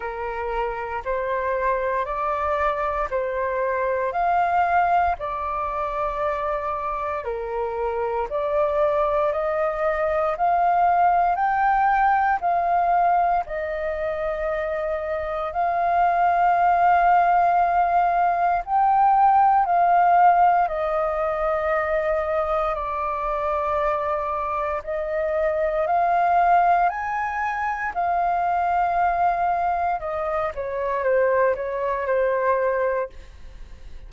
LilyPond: \new Staff \with { instrumentName = "flute" } { \time 4/4 \tempo 4 = 58 ais'4 c''4 d''4 c''4 | f''4 d''2 ais'4 | d''4 dis''4 f''4 g''4 | f''4 dis''2 f''4~ |
f''2 g''4 f''4 | dis''2 d''2 | dis''4 f''4 gis''4 f''4~ | f''4 dis''8 cis''8 c''8 cis''8 c''4 | }